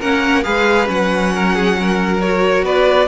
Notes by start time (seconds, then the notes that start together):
0.00 A#3 C#4 A#4 F#5
0.43 G#3 G#4 B4 F5
0.87 F#3 C#4 F#5
1.34 A#4
1.55 G#4
1.80 A#4
2.21 F#4 C#5
2.63 B3 B4 D5